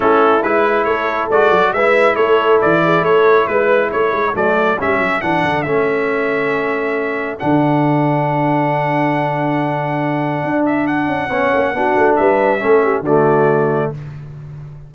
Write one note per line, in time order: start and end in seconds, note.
0.00 0.43 A3
0.00 0.40 C#4
0.00 0.84 E4
0.00 0.42 A4
0.42 0.85 G#3
0.42 1.31 E4
0.42 0.84 B4
0.84 1.29 A3
0.84 1.73 A4
0.84 1.28 C#5
1.30 1.51 G#3
1.30 1.76 F#4
1.30 1.73 D5
1.51 1.72 F#3
1.72 2.16 G#3
1.72 4.34 E4
1.72 2.14 B4
1.72 2.15 E5
2.14 2.61 A3
2.14 2.79 A4
2.14 2.59 C#5
2.61 3.01 E3
2.61 3.04 D5
2.83 3.04 G#4
3.01 3.44 A3
3.01 3.48 A4
3.01 3.47 C#5
3.47 3.92 G#3
3.47 3.90 B4
3.47 3.92 B4
3.91 4.12 A3
3.91 11.28 A4
3.91 4.35 C#5
4.12 4.33 G#3
4.34 4.78 F#3
4.34 4.77 A3
4.34 4.79 D5
4.78 4.99 G3
4.78 5.21 C#4
4.78 5.21 E5
4.99 5.20 F#3
5.21 5.44 E3
5.21 5.65 D4
5.21 5.62 F#5
5.44 5.65 D3
5.62 7.39 A3
5.62 7.38 C#4
5.62 7.36 E5
7.38 10.43 D3
7.38 11.29 D4
7.38 10.65 F#5
10.43 11.07 D4
10.65 10.86 E5
10.86 12.15 F#5
11.07 11.28 C#4
11.28 11.51 B3
11.28 11.74 C#4
11.28 11.72 C#5
11.54 11.73 A#3
11.73 11.95 B3
11.73 12.59 D4
11.73 12.18 F#4
11.96 12.18 A3
12.15 12.62 G3
12.15 12.61 B4
12.15 13.02 E5
12.59 13.00 A3
12.59 13.03 C#4
12.59 12.83 A4
12.83 13.03 G4
13.00 13.87 D3
13.00 13.90 F#4
13.00 13.92 D5
13.07 13.94 A3